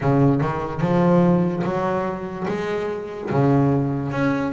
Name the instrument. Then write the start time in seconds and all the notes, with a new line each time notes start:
double bass
0.00 C#3
0.41 D#3
0.80 F3
1.64 F#3
2.48 G#3
3.31 C#3
4.11 C#4